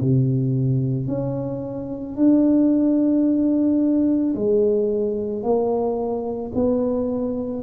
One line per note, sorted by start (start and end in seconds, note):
0.00 1.07 C3
1.07 2.16 C#4
2.16 4.34 D4
4.35 5.42 G#3
5.42 6.52 A#3
6.54 7.63 B3